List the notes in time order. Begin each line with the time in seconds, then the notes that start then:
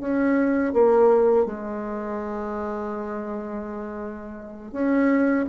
0.00 C#4
0.73 A#3
1.45 G#3
4.72 C#4